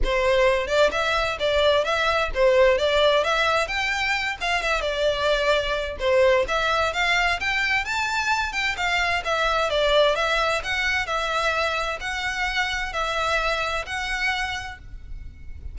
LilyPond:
\new Staff \with { instrumentName = "violin" } { \time 4/4 \tempo 4 = 130 c''4. d''8 e''4 d''4 | e''4 c''4 d''4 e''4 | g''4. f''8 e''8 d''4.~ | d''4 c''4 e''4 f''4 |
g''4 a''4. g''8 f''4 | e''4 d''4 e''4 fis''4 | e''2 fis''2 | e''2 fis''2 | }